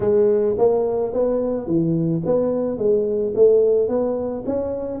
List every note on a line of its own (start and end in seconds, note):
0.00 0.55 G#3
0.58 1.13 A#3
1.13 1.66 B3
1.66 2.22 E3
2.25 2.78 B3
2.78 3.33 G#3
3.35 3.88 A3
3.88 4.43 B3
4.46 5.00 C#4